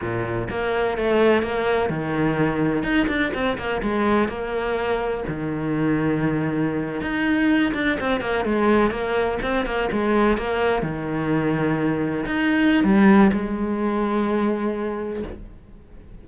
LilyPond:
\new Staff \with { instrumentName = "cello" } { \time 4/4 \tempo 4 = 126 ais,4 ais4 a4 ais4 | dis2 dis'8 d'8 c'8 ais8 | gis4 ais2 dis4~ | dis2~ dis8. dis'4~ dis'16~ |
dis'16 d'8 c'8 ais8 gis4 ais4 c'16~ | c'16 ais8 gis4 ais4 dis4~ dis16~ | dis4.~ dis16 dis'4~ dis'16 g4 | gis1 | }